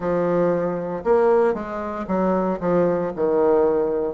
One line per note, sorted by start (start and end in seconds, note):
0.00 1.03 F3
1.03 1.53 A#3
1.53 2.05 G#3
2.07 2.59 F#3
2.60 3.11 F3
3.15 4.14 D#3